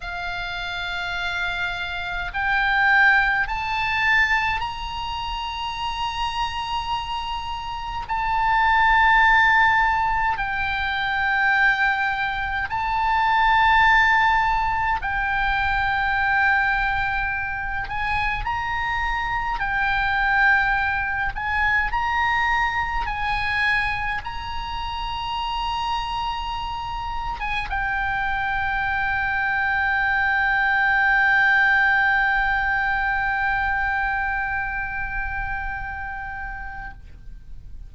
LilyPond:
\new Staff \with { instrumentName = "oboe" } { \time 4/4 \tempo 4 = 52 f''2 g''4 a''4 | ais''2. a''4~ | a''4 g''2 a''4~ | a''4 g''2~ g''8 gis''8 |
ais''4 g''4. gis''8 ais''4 | gis''4 ais''2~ ais''8. gis''16 | g''1~ | g''1 | }